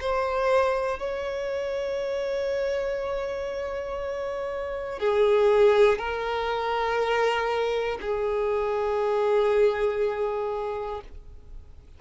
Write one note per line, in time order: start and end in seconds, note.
0.00 0.99 C5
0.99 4.99 C#5
4.99 5.98 G#4
5.98 7.98 A#4
8.01 11.01 G#4